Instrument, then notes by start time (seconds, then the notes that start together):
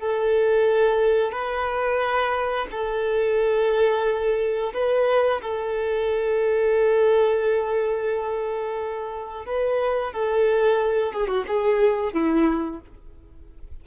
violin
0.00 A4
1.32 B4
2.71 A4
4.73 B4
5.41 A4
9.45 B4
10.12 A4
11.13 G#4
11.27 F#4
11.47 G#4
12.13 E4